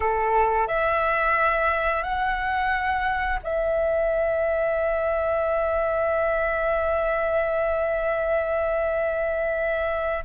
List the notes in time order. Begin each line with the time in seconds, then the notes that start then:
0.00 A4
0.67 E5
2.03 F#5
3.43 E5